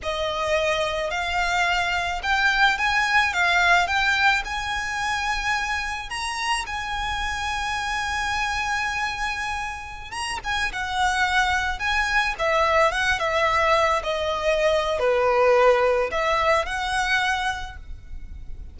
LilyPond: \new Staff \with { instrumentName = "violin" } { \time 4/4 \tempo 4 = 108 dis''2 f''2 | g''4 gis''4 f''4 g''4 | gis''2. ais''4 | gis''1~ |
gis''2~ gis''16 ais''8 gis''8 fis''8.~ | fis''4~ fis''16 gis''4 e''4 fis''8 e''16~ | e''4~ e''16 dis''4.~ dis''16 b'4~ | b'4 e''4 fis''2 | }